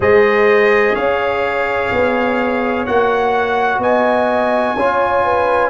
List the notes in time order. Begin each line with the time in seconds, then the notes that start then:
0.00 G#3 G#4 C5 D#5
0.94 C#4 C#5 F5
1.91 B3
2.86 A#3 F#4 F#5
3.79 B3 D#5 G#5
4.76 C#4 F4 C#5
5.24 B4